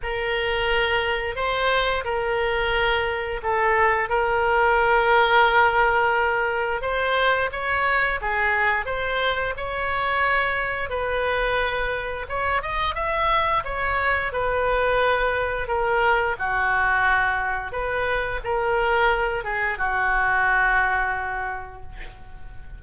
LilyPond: \new Staff \with { instrumentName = "oboe" } { \time 4/4 \tempo 4 = 88 ais'2 c''4 ais'4~ | ais'4 a'4 ais'2~ | ais'2 c''4 cis''4 | gis'4 c''4 cis''2 |
b'2 cis''8 dis''8 e''4 | cis''4 b'2 ais'4 | fis'2 b'4 ais'4~ | ais'8 gis'8 fis'2. | }